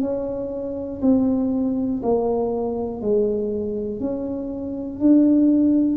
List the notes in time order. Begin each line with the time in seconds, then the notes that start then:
0.00 C#4
1.01 C4
2.03 A#3
3.01 G#3
4.00 C#4
5.00 D4